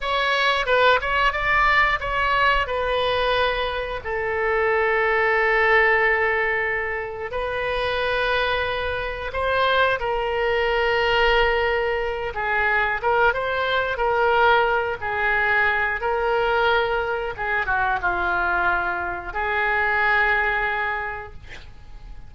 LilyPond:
\new Staff \with { instrumentName = "oboe" } { \time 4/4 \tempo 4 = 90 cis''4 b'8 cis''8 d''4 cis''4 | b'2 a'2~ | a'2. b'4~ | b'2 c''4 ais'4~ |
ais'2~ ais'8 gis'4 ais'8 | c''4 ais'4. gis'4. | ais'2 gis'8 fis'8 f'4~ | f'4 gis'2. | }